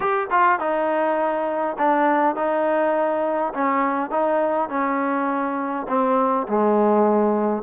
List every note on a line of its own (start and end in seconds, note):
0.00 0.27 G4
0.30 0.59 F4
0.59 1.76 D#4
1.78 2.35 D4
2.35 3.53 D#4
3.53 4.10 C#4
4.10 4.69 D#4
4.69 5.86 C#4
5.88 6.47 C4
6.48 7.62 G#3